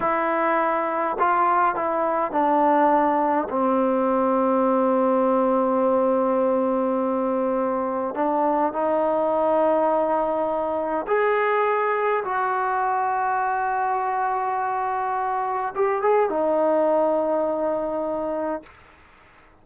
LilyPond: \new Staff \with { instrumentName = "trombone" } { \time 4/4 \tempo 4 = 103 e'2 f'4 e'4 | d'2 c'2~ | c'1~ | c'2 d'4 dis'4~ |
dis'2. gis'4~ | gis'4 fis'2.~ | fis'2. g'8 gis'8 | dis'1 | }